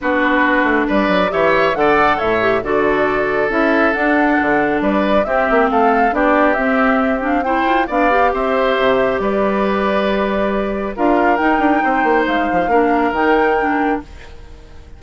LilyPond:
<<
  \new Staff \with { instrumentName = "flute" } { \time 4/4 \tempo 4 = 137 b'2 d''4 e''4 | fis''4 e''4 d''2 | e''4 fis''2 d''4 | e''4 f''4 d''4 e''4~ |
e''8 f''8 g''4 f''4 e''4~ | e''4 d''2.~ | d''4 f''4 g''2 | f''2 g''2 | }
  \new Staff \with { instrumentName = "oboe" } { \time 4/4 fis'2 b'4 cis''4 | d''4 cis''4 a'2~ | a'2. b'4 | g'4 a'4 g'2~ |
g'4 c''4 d''4 c''4~ | c''4 b'2.~ | b'4 ais'2 c''4~ | c''4 ais'2. | }
  \new Staff \with { instrumentName = "clarinet" } { \time 4/4 d'2. g'4 | a'4. g'8 fis'2 | e'4 d'2. | c'2 d'4 c'4~ |
c'8 d'8 e'4 d'8 g'4.~ | g'1~ | g'4 f'4 dis'2~ | dis'4 d'4 dis'4 d'4 | }
  \new Staff \with { instrumentName = "bassoon" } { \time 4/4 b4. a8 g8 fis8 e4 | d4 a,4 d2 | cis'4 d'4 d4 g4 | c'8 ais8 a4 b4 c'4~ |
c'4. f'8 b4 c'4 | c4 g2.~ | g4 d'4 dis'8 d'8 c'8 ais8 | gis8 f8 ais4 dis2 | }
>>